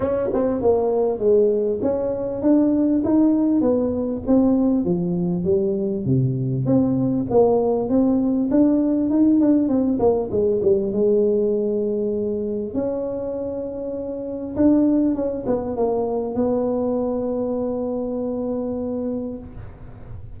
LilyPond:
\new Staff \with { instrumentName = "tuba" } { \time 4/4 \tempo 4 = 99 cis'8 c'8 ais4 gis4 cis'4 | d'4 dis'4 b4 c'4 | f4 g4 c4 c'4 | ais4 c'4 d'4 dis'8 d'8 |
c'8 ais8 gis8 g8 gis2~ | gis4 cis'2. | d'4 cis'8 b8 ais4 b4~ | b1 | }